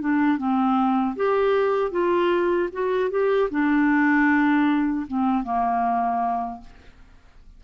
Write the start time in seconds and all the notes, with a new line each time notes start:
0.00 D4
0.37 C4
1.16 G4
1.91 F4
2.72 F#4
3.10 G4
3.50 D4
5.07 C4
5.43 A#3